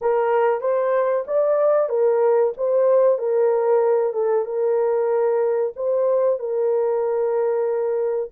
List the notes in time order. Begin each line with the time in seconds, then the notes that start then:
0.01 A#4
0.60 C5
1.27 D5
1.89 A#4
2.57 C5
3.18 A#4
4.13 A4
4.45 A#4
5.76 C5
6.39 A#4